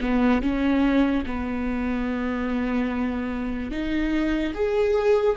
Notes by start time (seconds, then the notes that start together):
0.00 B3
0.41 C#4
1.26 B3
3.71 D#4
4.54 G#4